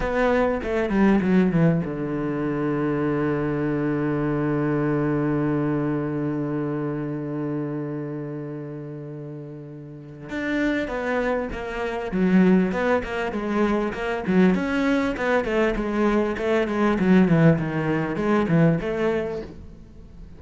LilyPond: \new Staff \with { instrumentName = "cello" } { \time 4/4 \tempo 4 = 99 b4 a8 g8 fis8 e8 d4~ | d1~ | d1~ | d1~ |
d4 d'4 b4 ais4 | fis4 b8 ais8 gis4 ais8 fis8 | cis'4 b8 a8 gis4 a8 gis8 | fis8 e8 dis4 gis8 e8 a4 | }